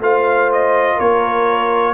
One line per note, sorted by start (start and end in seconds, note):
0.00 0.97 A3
0.00 1.94 F4
0.00 0.96 C5
0.00 0.52 F5
0.52 1.00 D#5
0.96 1.94 A#3
0.96 1.93 A#4
0.96 1.94 C#5